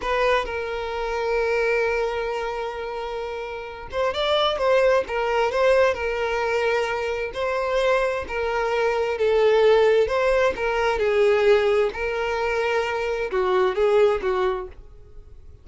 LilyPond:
\new Staff \with { instrumentName = "violin" } { \time 4/4 \tempo 4 = 131 b'4 ais'2.~ | ais'1~ | ais'8 c''8 d''4 c''4 ais'4 | c''4 ais'2. |
c''2 ais'2 | a'2 c''4 ais'4 | gis'2 ais'2~ | ais'4 fis'4 gis'4 fis'4 | }